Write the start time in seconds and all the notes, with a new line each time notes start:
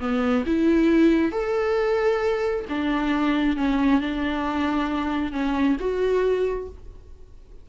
0.00 B3
0.46 E4
1.32 A4
2.69 D4
3.57 C#4
4.01 D4
5.32 C#4
5.80 F#4